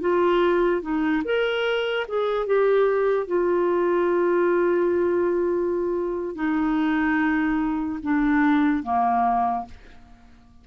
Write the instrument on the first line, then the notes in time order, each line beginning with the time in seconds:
clarinet
0.00 F4
0.81 D#4
1.24 A#4
2.08 G#4
2.46 G4
3.27 F4
6.35 D#4
8.02 D4
8.83 A#3